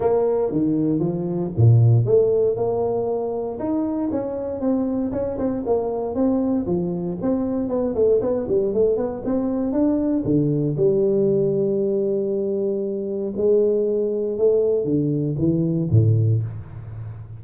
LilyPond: \new Staff \with { instrumentName = "tuba" } { \time 4/4 \tempo 4 = 117 ais4 dis4 f4 ais,4 | a4 ais2 dis'4 | cis'4 c'4 cis'8 c'8 ais4 | c'4 f4 c'4 b8 a8 |
b8 g8 a8 b8 c'4 d'4 | d4 g2.~ | g2 gis2 | a4 d4 e4 a,4 | }